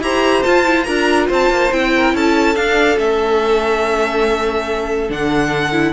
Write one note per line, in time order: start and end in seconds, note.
0.00 0.42 E4
0.00 0.44 G4
0.00 0.86 C5
0.00 0.43 A#5
0.43 0.64 F4
0.43 0.87 F4
0.43 0.84 A5
0.64 0.85 E4
0.84 1.29 D4
0.84 1.72 F4
0.84 1.27 A#4
0.84 1.26 A#5
1.27 1.50 C4
1.27 1.91 C5
1.27 1.73 A5
1.50 1.71 A#3
1.72 2.14 C4
1.72 2.55 E4
1.72 2.15 G5
1.96 2.15 A#4
2.14 2.55 C#4
2.14 5.93 A4
2.14 2.56 A5
2.55 2.97 D4
2.55 2.98 F5
2.97 5.09 A3
2.97 5.08 C#4
2.97 5.10 E5
5.09 5.93 D3
5.09 5.72 D4
5.09 5.93 F#5
5.72 5.93 E4